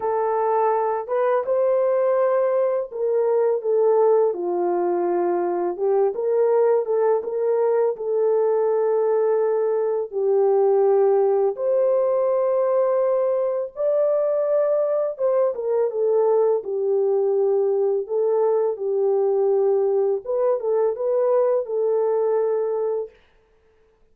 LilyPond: \new Staff \with { instrumentName = "horn" } { \time 4/4 \tempo 4 = 83 a'4. b'8 c''2 | ais'4 a'4 f'2 | g'8 ais'4 a'8 ais'4 a'4~ | a'2 g'2 |
c''2. d''4~ | d''4 c''8 ais'8 a'4 g'4~ | g'4 a'4 g'2 | b'8 a'8 b'4 a'2 | }